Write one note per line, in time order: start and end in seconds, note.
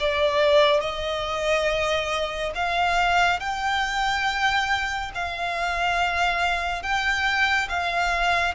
0.00 0.81 D5
0.81 2.52 D#5
2.55 3.40 F5
3.40 5.11 G5
5.15 6.83 F5
6.83 7.68 G5
7.69 8.55 F5